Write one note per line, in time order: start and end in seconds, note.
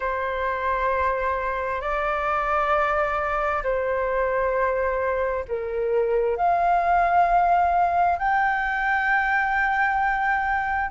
0.00 1.81 C5
1.81 3.62 D5
3.63 5.45 C5
5.48 6.36 A#4
6.36 8.18 F5
8.19 10.90 G5